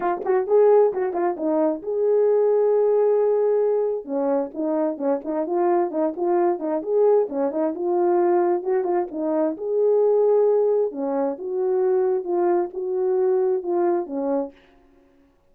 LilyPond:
\new Staff \with { instrumentName = "horn" } { \time 4/4 \tempo 4 = 132 f'8 fis'8 gis'4 fis'8 f'8 dis'4 | gis'1~ | gis'4 cis'4 dis'4 cis'8 dis'8 | f'4 dis'8 f'4 dis'8 gis'4 |
cis'8 dis'8 f'2 fis'8 f'8 | dis'4 gis'2. | cis'4 fis'2 f'4 | fis'2 f'4 cis'4 | }